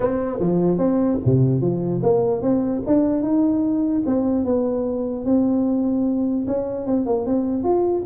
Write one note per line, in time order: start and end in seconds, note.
0.00 0.39 C4
0.39 0.77 F3
0.77 1.18 C4
1.25 1.61 C3
1.61 2.01 F3
2.02 2.42 A#3
2.42 2.82 C4
2.86 3.22 D4
3.22 4.02 D#4
4.05 4.44 C4
4.44 5.25 B3
5.25 6.46 C4
6.47 6.86 C#4
6.86 7.06 C4
7.06 7.26 A#3
7.26 7.63 C4
7.63 8.03 F4